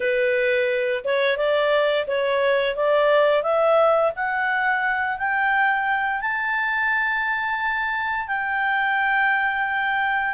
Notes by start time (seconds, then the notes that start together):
0.00 B4
1.04 C#5
1.37 D5
2.07 C#5
2.76 D5
3.43 E5
4.15 F#5
5.18 G5
6.21 A5
8.27 G5